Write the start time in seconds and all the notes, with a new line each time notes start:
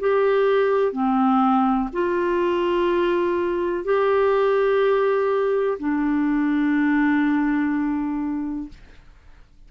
0.00 G4
0.92 C4
1.93 F4
3.84 G4
5.79 D4